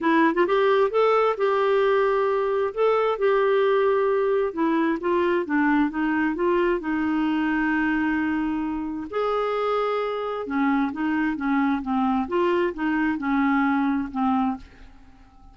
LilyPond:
\new Staff \with { instrumentName = "clarinet" } { \time 4/4 \tempo 4 = 132 e'8. f'16 g'4 a'4 g'4~ | g'2 a'4 g'4~ | g'2 e'4 f'4 | d'4 dis'4 f'4 dis'4~ |
dis'1 | gis'2. cis'4 | dis'4 cis'4 c'4 f'4 | dis'4 cis'2 c'4 | }